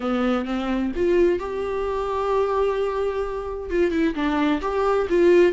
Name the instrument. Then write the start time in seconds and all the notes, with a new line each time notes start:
viola
0.00 B3
0.45 C4
0.95 F4
1.39 G4
3.69 F4
3.91 E4
4.14 D4
4.61 G4
5.09 F4